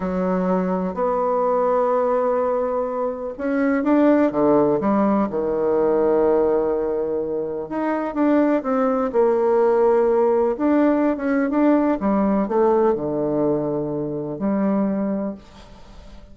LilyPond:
\new Staff \with { instrumentName = "bassoon" } { \time 4/4 \tempo 4 = 125 fis2 b2~ | b2. cis'4 | d'4 d4 g4 dis4~ | dis1 |
dis'4 d'4 c'4 ais4~ | ais2 d'4~ d'16 cis'8. | d'4 g4 a4 d4~ | d2 g2 | }